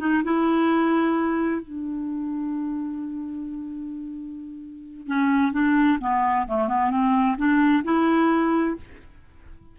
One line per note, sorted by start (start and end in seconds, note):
0.00 0.23 D#4
0.24 1.62 E4
1.62 5.08 D4
5.08 5.53 C#4
5.53 5.99 D4
6.01 6.47 B3
6.48 6.68 A3
6.68 6.91 B3
6.91 7.37 C4
7.38 7.84 D4
7.84 8.77 E4